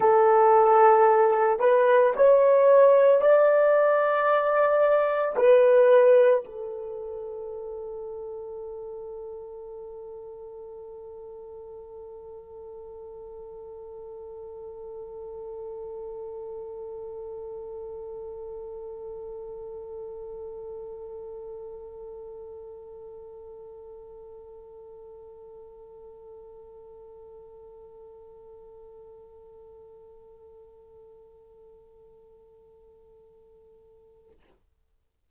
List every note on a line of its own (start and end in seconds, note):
0.00 1.59 A4
1.59 2.13 B4
2.16 3.21 C#5
3.21 5.35 D5
5.36 6.43 B4
6.44 34.30 A4